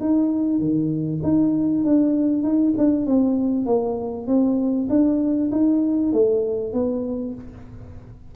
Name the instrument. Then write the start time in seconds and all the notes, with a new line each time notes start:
tuba
0.00 D#4
0.59 D#3
1.23 D#4
1.84 D4
2.43 D#4
2.77 D4
3.06 C4
3.66 A#3
4.27 C4
4.89 D4
5.51 D#4
6.13 A3
6.73 B3